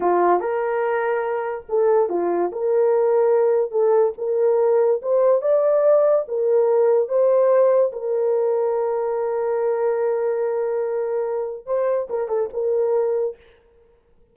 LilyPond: \new Staff \with { instrumentName = "horn" } { \time 4/4 \tempo 4 = 144 f'4 ais'2. | a'4 f'4 ais'2~ | ais'4 a'4 ais'2 | c''4 d''2 ais'4~ |
ais'4 c''2 ais'4~ | ais'1~ | ais'1 | c''4 ais'8 a'8 ais'2 | }